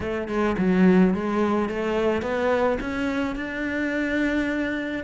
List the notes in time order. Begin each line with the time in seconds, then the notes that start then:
0.00 A3
0.28 G#3
0.58 F#3
1.14 G#3
1.69 A3
2.22 B3
2.80 C#4
3.35 D4